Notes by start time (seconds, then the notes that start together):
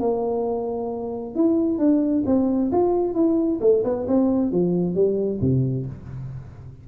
0.00 A#3
1.35 E4
1.79 D4
2.26 C4
2.71 F4
3.14 E4
3.61 A3
3.84 B3
4.08 C4
4.52 F3
4.95 G3
5.41 C3